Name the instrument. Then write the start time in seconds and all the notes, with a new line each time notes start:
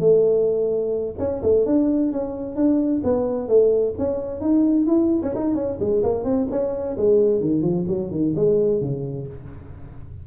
tuba
0.00 A3
1.19 C#4
1.43 A3
1.66 D4
2.13 C#4
2.56 D4
3.04 B3
3.48 A3
3.98 C#4
4.41 D#4
4.87 E4
5.23 C#4
5.35 D#4
5.55 C#4
5.80 G#3
6.03 A#3
6.24 C4
6.51 C#4
6.98 G#3
7.41 D#3
7.62 F3
7.88 F#3
8.11 D#3
8.36 G#3
8.81 C#3